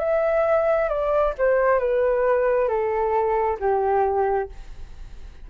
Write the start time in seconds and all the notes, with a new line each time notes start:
0.00 E5
0.89 D5
1.38 C5
1.80 B4
2.69 A4
3.60 G4